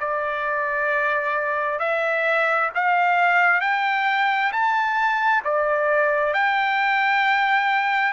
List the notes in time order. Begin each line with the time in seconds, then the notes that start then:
0.00 D5
1.79 E5
2.75 F5
3.61 G5
4.52 A5
5.44 D5
6.33 G5